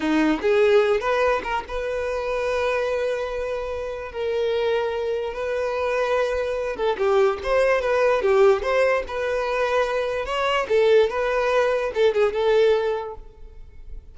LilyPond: \new Staff \with { instrumentName = "violin" } { \time 4/4 \tempo 4 = 146 dis'4 gis'4. b'4 ais'8 | b'1~ | b'2 ais'2~ | ais'4 b'2.~ |
b'8 a'8 g'4 c''4 b'4 | g'4 c''4 b'2~ | b'4 cis''4 a'4 b'4~ | b'4 a'8 gis'8 a'2 | }